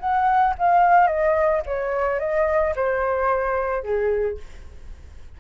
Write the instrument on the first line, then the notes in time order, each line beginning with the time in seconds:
flute
0.00 F#5
0.58 F5
1.07 D#5
1.66 C#5
2.20 D#5
2.76 C5
3.83 G#4